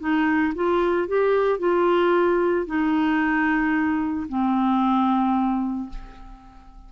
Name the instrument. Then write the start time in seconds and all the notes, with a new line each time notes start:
clarinet
0.00 D#4
0.55 F4
1.08 G4
1.59 F4
2.66 D#4
4.29 C4